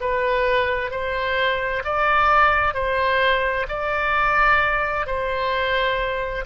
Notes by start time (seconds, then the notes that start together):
0.00 B4
0.91 C5
1.84 D5
2.74 C5
3.68 D5
5.06 C5